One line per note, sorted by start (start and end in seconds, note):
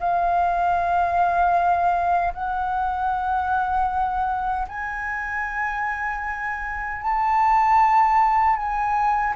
0.00 2.34 F5
2.34 4.68 F#5
4.69 7.02 G#5
7.02 8.56 A5
8.56 9.34 G#5